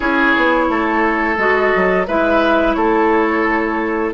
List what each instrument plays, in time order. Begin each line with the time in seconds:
0.00 bassoon C#4, clarinet E4, oboe G#4, flute C#5
0.36 bassoon B3
0.69 bassoon A3, oboe A4
1.37 bassoon G#3, clarinet F#4, flute D#5
1.75 bassoon F#3
2.07 bassoon G#3, clarinet E4, oboe B4, flute E5
2.73 bassoon A3, oboe A4, flute C#5